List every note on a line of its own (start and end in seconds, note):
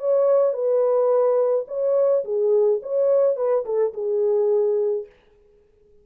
0.00 0.53 C#5
0.53 1.65 B4
1.68 2.24 C#5
2.25 2.81 G#4
2.82 3.37 C#5
3.37 3.65 B4
3.66 3.94 A4
3.94 5.06 G#4